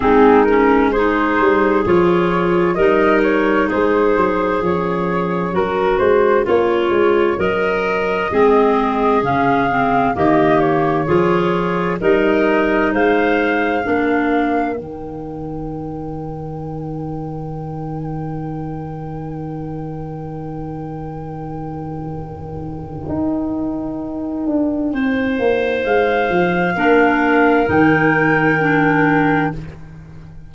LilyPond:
<<
  \new Staff \with { instrumentName = "flute" } { \time 4/4 \tempo 4 = 65 gis'8 ais'8 c''4 cis''4 dis''8 cis''8 | c''4 cis''4 ais'8 c''8 cis''4 | dis''2 f''4 dis''8 cis''8~ | cis''4 dis''4 f''2 |
g''1~ | g''1~ | g''1 | f''2 g''2 | }
  \new Staff \with { instrumentName = "clarinet" } { \time 4/4 dis'4 gis'2 ais'4 | gis'2 fis'4 f'4 | ais'4 gis'2 g'4 | gis'4 ais'4 c''4 ais'4~ |
ais'1~ | ais'1~ | ais'2. c''4~ | c''4 ais'2. | }
  \new Staff \with { instrumentName = "clarinet" } { \time 4/4 c'8 cis'8 dis'4 f'4 dis'4~ | dis'4 cis'2.~ | cis'4 c'4 cis'8 c'8 ais4 | f'4 dis'2 d'4 |
dis'1~ | dis'1~ | dis'1~ | dis'4 d'4 dis'4 d'4 | }
  \new Staff \with { instrumentName = "tuba" } { \time 4/4 gis4. g8 f4 g4 | gis8 fis8 f4 fis8 gis8 ais8 gis8 | fis4 gis4 cis4 dis4 | f4 g4 gis4 ais4 |
dis1~ | dis1~ | dis4 dis'4. d'8 c'8 ais8 | gis8 f8 ais4 dis2 | }
>>